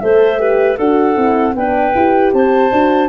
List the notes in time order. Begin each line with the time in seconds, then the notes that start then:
0.00 A3 A4 C5 E5
0.39 G4 B4
0.77 D4 F#4 A4 F#5
1.16 C4 E4
1.56 B3 D4 B4 G5
1.95 E4 G4
2.33 C4 C5 A5
2.72 D4 F#4